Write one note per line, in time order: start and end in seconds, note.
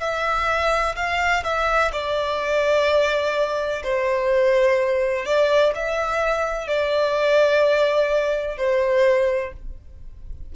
0.00 0.95 E5
0.96 1.43 F5
1.44 1.91 E5
1.92 3.83 D5
3.84 5.26 C5
5.26 5.73 D5
5.75 6.68 E5
6.68 8.57 D5
8.57 9.53 C5